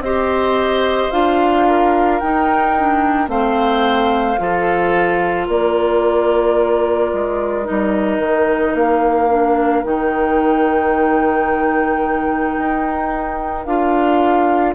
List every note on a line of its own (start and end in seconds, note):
0.00 1.09 C4
0.00 1.12 G4
0.00 1.68 C5
0.00 1.11 D#5
1.11 2.22 D4
1.11 2.21 F4
1.11 2.20 F5
1.68 3.30 A#4
2.20 2.77 D#4
2.20 3.28 D#4
2.20 3.29 G5
2.78 3.28 D4
3.28 4.37 A3
3.28 4.37 C4
3.28 4.40 C5
3.28 5.49 F5
4.38 5.49 F3
4.38 7.65 F4
4.38 5.47 A4
5.47 7.13 A#3
5.47 14.75 A#4
5.47 7.67 D5
7.14 7.68 G#3
7.65 8.19 G3
7.65 9.28 D#4
7.65 8.75 D#5
8.19 8.74 D#3
8.75 9.84 A#3
8.75 9.84 F5
9.30 9.84 D4
9.84 12.58 D#3
9.84 13.66 D#4
9.84 13.65 G5
12.59 13.66 D#4
13.65 14.75 D4
13.65 14.75 F4
13.65 14.75 F5